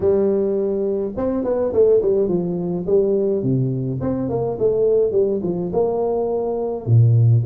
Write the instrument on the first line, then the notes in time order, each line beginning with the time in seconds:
tuba
0.00 G3
1.16 C4
1.44 B3
1.72 A3
2.01 G3
2.28 F3
2.86 G3
3.42 C3
4.00 C4
4.29 A#3
4.58 A3
5.11 G3
5.43 F3
5.72 A#3
6.85 A#2